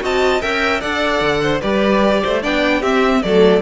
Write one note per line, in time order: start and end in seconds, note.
0.00 0.42 C4
0.00 0.40 F#4
0.00 0.42 D#5
0.00 0.42 A5
0.42 0.83 C#4
0.42 0.82 A#4
0.42 0.81 E5
0.42 0.81 G5
0.81 1.21 D4
0.81 1.62 A4
0.81 1.41 D5
0.81 1.61 F#5
1.21 1.61 D3
1.43 1.61 C5
1.61 2.23 G3
1.61 2.41 G4
1.61 2.21 B4
1.61 2.41 D5
2.22 2.44 A3
2.22 2.42 C5
2.41 2.82 B3
2.41 2.81 D4
2.41 2.80 D5
2.41 2.83 G5
2.80 3.22 C4
2.80 3.24 C4
2.80 3.20 G4
2.80 3.23 E5
3.23 3.62 F#3
3.23 3.62 A3
3.23 3.62 A4
3.23 3.62 D5